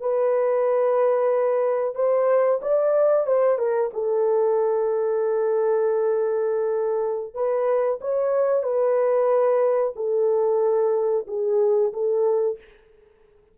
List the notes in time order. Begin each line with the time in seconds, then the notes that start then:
0.00 B4
1.95 C5
2.61 D5
3.26 C5
3.58 A#4
3.93 A4
7.34 B4
8.01 C#5
8.63 B4
9.95 A4
11.27 G#4
11.93 A4